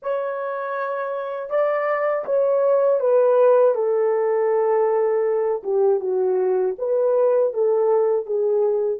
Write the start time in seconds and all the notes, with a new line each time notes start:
0.02 C#5
1.50 D5
2.25 C#5
3.00 B4
3.74 A4
5.63 G4
6.00 F#4
6.78 B4
7.53 A4
8.26 G#4